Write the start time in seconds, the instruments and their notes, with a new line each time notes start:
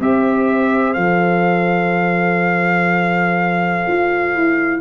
0.00 tuba C4, trombone G4, horn C5, trumpet E5
0.94 tuba F3, trombone A4, trumpet F5
3.87 tuba F4
4.35 tuba E4